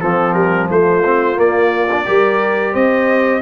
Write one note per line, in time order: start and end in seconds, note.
0.00 1.03 F3
0.00 0.34 F3
0.00 0.69 C4
0.00 0.33 A4
0.33 0.68 G3
0.33 0.67 A#4
0.69 1.38 A3
0.69 2.06 F4
0.69 1.39 C5
1.04 1.35 C4
1.35 1.86 A#3
1.35 2.06 A#3
1.35 2.74 D5
1.92 2.05 D4
2.05 2.74 G3
2.05 3.41 G4
2.05 2.72 A#4
2.72 3.41 C4
2.72 3.40 C5
2.72 3.41 D#5